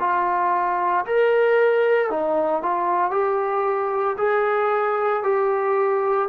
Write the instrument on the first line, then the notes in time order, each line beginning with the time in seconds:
trombone
0.00 F4
1.05 A#4
2.10 D#4
2.62 F4
3.11 G4
4.18 G#4
5.23 G4